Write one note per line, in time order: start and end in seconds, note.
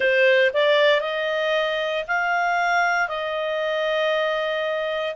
0.00 0.50 C5
0.53 1.01 D5
1.01 2.04 D#5
2.07 3.08 F5
3.08 5.15 D#5